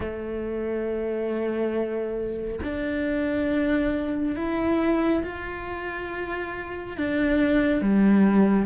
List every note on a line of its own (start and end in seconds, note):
0.00 2.60 A3
2.63 4.36 D4
4.36 5.23 E4
5.23 6.97 F4
6.97 7.81 D4
7.81 8.66 G3